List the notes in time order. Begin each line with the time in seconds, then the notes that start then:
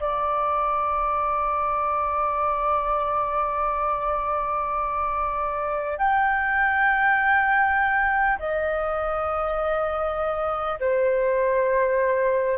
0.00 D5
5.98 G5
8.39 D#5
10.79 C5